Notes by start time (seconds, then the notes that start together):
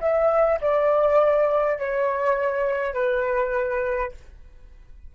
0.00 E5
0.60 D5
1.78 C#5
2.94 B4